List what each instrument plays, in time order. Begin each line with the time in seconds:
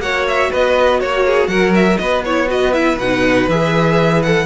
0.00 cello A#3, viola F#4, violin C#5 F#5
0.28 violin E5
0.51 cello B3, violin B4 D#5
1.00 cello A#3, violin F#4 C#5
1.26 violin G#4
1.48 cello F#3, violin A#4 F#5
1.75 violin E5
1.98 cello B3, violin B4 D#5
2.24 viola E4, violin C#5
2.47 viola F#4, violin B4 D#5
2.73 viola E4, violin E5
2.97 cello B2, viola D#4, violin F#5
3.48 cello E3, viola G#4, violin E5
4.22 viola A4, violin F#5